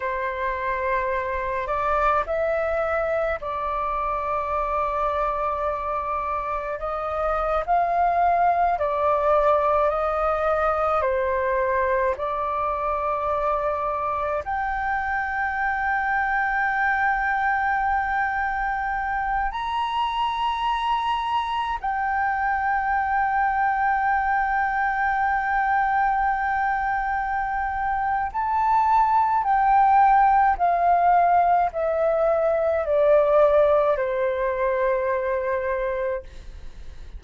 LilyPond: \new Staff \with { instrumentName = "flute" } { \time 4/4 \tempo 4 = 53 c''4. d''8 e''4 d''4~ | d''2 dis''8. f''4 d''16~ | d''8. dis''4 c''4 d''4~ d''16~ | d''8. g''2.~ g''16~ |
g''4~ g''16 ais''2 g''8.~ | g''1~ | g''4 a''4 g''4 f''4 | e''4 d''4 c''2 | }